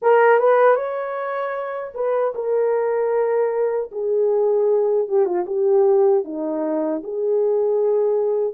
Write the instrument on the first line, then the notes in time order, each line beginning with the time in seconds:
horn
0.02 A#4
0.39 B4
0.75 C#5
1.94 B4
2.34 A#4
3.91 G#4
5.08 G4
5.25 F4
5.46 G4
6.24 D#4
7.03 G#4